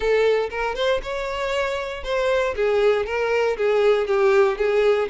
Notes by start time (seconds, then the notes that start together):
0.00 A4
0.49 A#4
0.75 C5
1.02 C#5
2.03 C5
2.55 G#4
3.06 A#4
3.57 G#4
4.07 G4
4.57 G#4